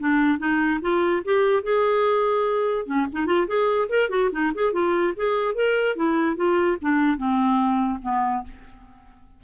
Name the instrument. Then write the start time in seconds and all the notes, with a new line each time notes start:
clarinet
0.00 D4
0.39 D#4
0.81 F4
1.25 G4
1.63 G#4
2.86 C#4
3.13 D#4
3.26 F4
3.47 G#4
3.89 A#4
4.10 F#4
4.32 D#4
4.55 G#4
4.73 F4
5.16 G#4
5.55 A#4
5.96 E4
6.36 F4
6.81 D4
7.17 C4
8.02 B3